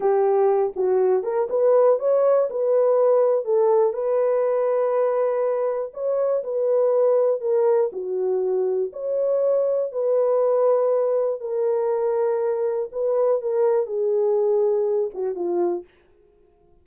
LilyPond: \new Staff \with { instrumentName = "horn" } { \time 4/4 \tempo 4 = 121 g'4. fis'4 ais'8 b'4 | cis''4 b'2 a'4 | b'1 | cis''4 b'2 ais'4 |
fis'2 cis''2 | b'2. ais'4~ | ais'2 b'4 ais'4 | gis'2~ gis'8 fis'8 f'4 | }